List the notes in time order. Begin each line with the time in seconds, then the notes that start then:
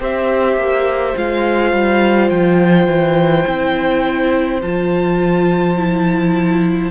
0.00 C4 G4 C5 E5
0.56 A#3
1.15 G#3 F4 F5
1.73 G3
2.30 F3 G5
2.87 E3
3.45 C4 E4
4.62 F3 F4 A5
5.77 E4